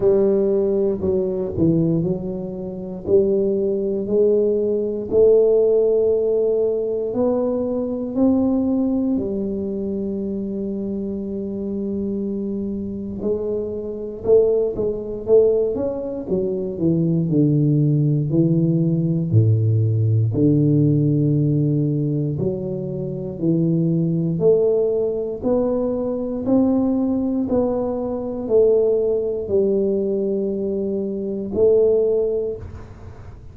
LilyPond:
\new Staff \with { instrumentName = "tuba" } { \time 4/4 \tempo 4 = 59 g4 fis8 e8 fis4 g4 | gis4 a2 b4 | c'4 g2.~ | g4 gis4 a8 gis8 a8 cis'8 |
fis8 e8 d4 e4 a,4 | d2 fis4 e4 | a4 b4 c'4 b4 | a4 g2 a4 | }